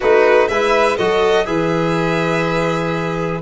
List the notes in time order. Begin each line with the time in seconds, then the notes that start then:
0.00 A3 D#4 F#4 B4
0.48 G#3 E4 B4 E5
0.96 F#3 F#4 A4 D#5
1.46 E3 G#4 B4 E5